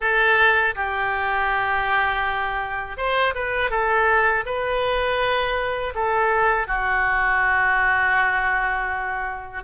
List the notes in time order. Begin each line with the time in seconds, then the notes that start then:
0.00 A4
0.75 G4
2.97 C5
3.34 B4
3.70 A4
4.45 B4
5.95 A4
6.67 F#4